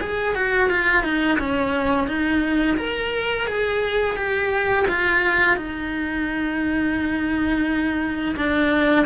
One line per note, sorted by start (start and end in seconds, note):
0.00 0.34 G#4
0.34 0.69 F#4
0.69 1.03 F4
1.03 1.38 D#4
1.38 2.07 C#4
2.07 2.77 D#4
2.77 3.47 A#4
3.47 4.16 G#4
4.16 4.86 G4
4.88 5.56 F4
5.56 8.35 D#4
8.36 9.05 D4